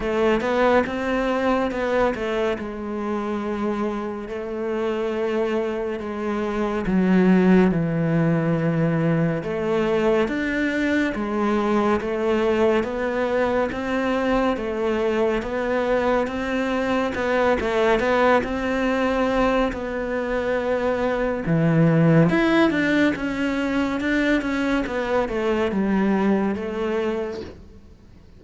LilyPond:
\new Staff \with { instrumentName = "cello" } { \time 4/4 \tempo 4 = 70 a8 b8 c'4 b8 a8 gis4~ | gis4 a2 gis4 | fis4 e2 a4 | d'4 gis4 a4 b4 |
c'4 a4 b4 c'4 | b8 a8 b8 c'4. b4~ | b4 e4 e'8 d'8 cis'4 | d'8 cis'8 b8 a8 g4 a4 | }